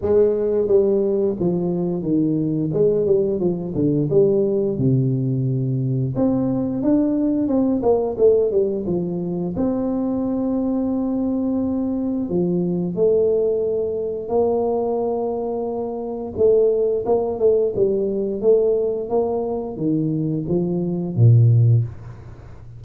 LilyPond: \new Staff \with { instrumentName = "tuba" } { \time 4/4 \tempo 4 = 88 gis4 g4 f4 dis4 | gis8 g8 f8 d8 g4 c4~ | c4 c'4 d'4 c'8 ais8 | a8 g8 f4 c'2~ |
c'2 f4 a4~ | a4 ais2. | a4 ais8 a8 g4 a4 | ais4 dis4 f4 ais,4 | }